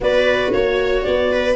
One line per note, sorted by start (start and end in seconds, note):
0.00 0.52 B3
0.00 1.55 F#4
0.00 0.54 B4
0.00 0.51 D5
0.51 1.05 A#3
0.51 1.02 C#5
0.51 1.32 C#5
1.02 1.55 B3
1.02 1.54 D5
1.32 1.55 B4